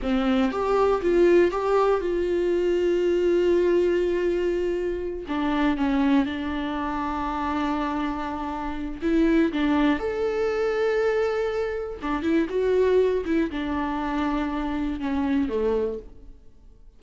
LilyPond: \new Staff \with { instrumentName = "viola" } { \time 4/4 \tempo 4 = 120 c'4 g'4 f'4 g'4 | f'1~ | f'2~ f'8 d'4 cis'8~ | cis'8 d'2.~ d'8~ |
d'2 e'4 d'4 | a'1 | d'8 e'8 fis'4. e'8 d'4~ | d'2 cis'4 a4 | }